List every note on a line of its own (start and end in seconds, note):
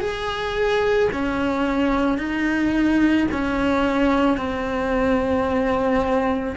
0.00 1.09 G#4
1.12 2.18 C#4
2.18 3.27 D#4
3.31 4.37 C#4
4.37 6.55 C4